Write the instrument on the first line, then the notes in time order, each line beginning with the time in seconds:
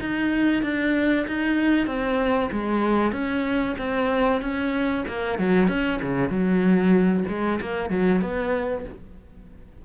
cello
0.00 D#4
0.63 D4
1.27 D#4
1.86 C4
2.51 G#3
3.12 C#4
3.78 C4
4.41 C#4
5.07 A#3
5.39 F#3
5.68 C#4
6.02 C#3
6.29 F#3
7.28 G#3
7.61 A#3
7.89 F#3
8.21 B3